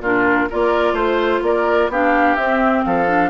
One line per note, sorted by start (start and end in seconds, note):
0.00 0.47 A#2
0.00 0.50 D4
0.00 0.49 F4
0.00 0.50 A#4
0.50 0.93 A#3
0.50 1.91 F4
0.50 0.94 A#4
0.50 0.96 D5
0.93 1.40 A3
0.93 1.41 C5
0.93 1.43 C5
1.42 1.89 A#3
1.42 1.91 A#4
1.42 1.91 D5
1.89 2.36 B3
1.89 2.38 D4
1.89 2.85 G4
1.89 2.36 F5
2.36 2.84 C4
2.36 3.07 C4
2.36 2.83 E5
2.84 3.30 F3
2.84 3.30 A4
2.84 3.30 F5
3.07 3.30 D4